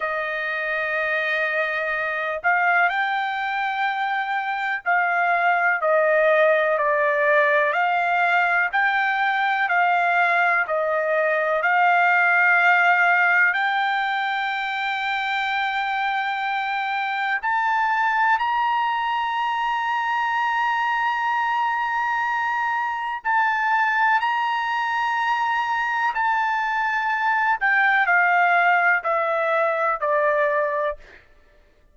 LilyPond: \new Staff \with { instrumentName = "trumpet" } { \time 4/4 \tempo 4 = 62 dis''2~ dis''8 f''8 g''4~ | g''4 f''4 dis''4 d''4 | f''4 g''4 f''4 dis''4 | f''2 g''2~ |
g''2 a''4 ais''4~ | ais''1 | a''4 ais''2 a''4~ | a''8 g''8 f''4 e''4 d''4 | }